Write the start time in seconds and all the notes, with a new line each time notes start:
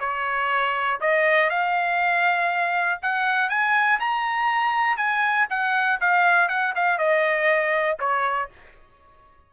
0.00 C#5
1.01 D#5
1.50 F5
3.02 F#5
3.50 G#5
4.00 A#5
4.97 G#5
5.50 F#5
6.01 F5
6.49 F#5
6.75 F5
6.98 D#5
8.00 C#5